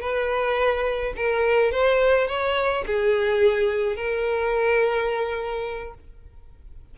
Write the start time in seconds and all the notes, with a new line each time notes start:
0.00 B4
1.16 A#4
1.71 C5
2.27 C#5
2.86 G#4
3.95 A#4